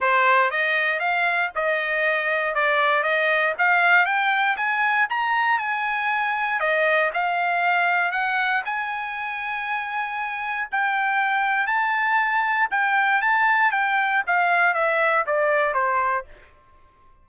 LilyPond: \new Staff \with { instrumentName = "trumpet" } { \time 4/4 \tempo 4 = 118 c''4 dis''4 f''4 dis''4~ | dis''4 d''4 dis''4 f''4 | g''4 gis''4 ais''4 gis''4~ | gis''4 dis''4 f''2 |
fis''4 gis''2.~ | gis''4 g''2 a''4~ | a''4 g''4 a''4 g''4 | f''4 e''4 d''4 c''4 | }